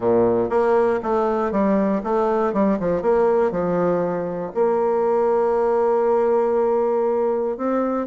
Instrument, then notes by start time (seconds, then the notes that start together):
bassoon
0.00 A#2
0.49 A#3
1.02 A3
1.51 G3
2.03 A3
2.53 G3
2.79 F3
3.02 A#3
3.51 F3
4.54 A#3
7.57 C4